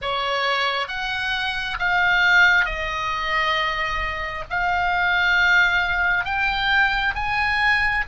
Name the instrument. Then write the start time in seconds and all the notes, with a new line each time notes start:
oboe
0.01 C#5
0.88 F#5
1.79 F5
2.65 D#5
4.49 F5
6.24 G5
7.15 G#5